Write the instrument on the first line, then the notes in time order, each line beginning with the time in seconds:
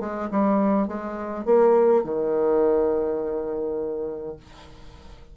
bassoon
0.00 G#3
0.31 G3
0.88 G#3
1.45 A#3
2.04 D#3